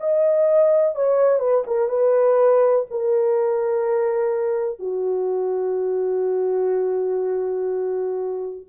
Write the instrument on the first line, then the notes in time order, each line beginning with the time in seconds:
horn
0.00 D#5
0.95 C#5
1.39 B4
1.67 A#4
1.89 B4
2.90 A#4
4.79 F#4